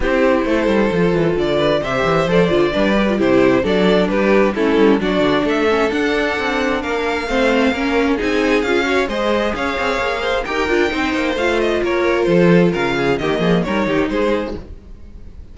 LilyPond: <<
  \new Staff \with { instrumentName = "violin" } { \time 4/4 \tempo 4 = 132 c''2. d''4 | e''4 d''2 c''4 | d''4 b'4 a'4 d''4 | e''4 fis''2 f''4~ |
f''2 gis''4 f''4 | dis''4 f''2 g''4~ | g''4 f''8 dis''8 cis''4 c''4 | f''4 dis''4 cis''4 c''4 | }
  \new Staff \with { instrumentName = "violin" } { \time 4/4 g'4 a'2~ a'8 b'8 | c''2 b'4 g'4 | a'4 g'4 e'4 fis'4 | a'2. ais'4 |
c''4 ais'4 gis'4. cis''8 | c''4 cis''4. c''8 ais'4 | c''2 ais'4 a'4 | ais'8 gis'8 g'8 gis'8 ais'8 g'8 gis'4 | }
  \new Staff \with { instrumentName = "viola" } { \time 4/4 e'2 f'2 | g'4 a'8 f'8 d'8 g'16 f'16 e'4 | d'2 cis'4 d'4~ | d'8 cis'8 d'2. |
c'4 cis'4 dis'4 f'8 fis'8 | gis'2. g'8 f'8 | dis'4 f'2.~ | f'4 ais4 dis'2 | }
  \new Staff \with { instrumentName = "cello" } { \time 4/4 c'4 a8 g8 f8 e8 d4 | c8 e8 f8 d8 g4 c4 | fis4 g4 a8 g8 fis8 d8 | a4 d'4 c'4 ais4 |
a4 ais4 c'4 cis'4 | gis4 cis'8 c'8 ais4 dis'8 d'8 | c'8 ais8 a4 ais4 f4 | cis4 dis8 f8 g8 dis8 gis4 | }
>>